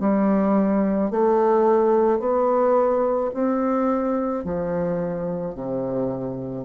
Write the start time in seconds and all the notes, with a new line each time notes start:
0.00 G3
1.11 A3
2.20 B3
3.34 C4
4.45 F3
5.55 C3